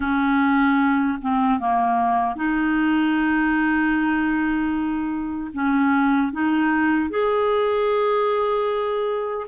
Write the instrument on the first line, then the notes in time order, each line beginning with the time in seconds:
clarinet
0.00 C#4
1.21 C4
1.59 A#3
2.35 D#4
5.53 C#4
6.32 D#4
7.10 G#4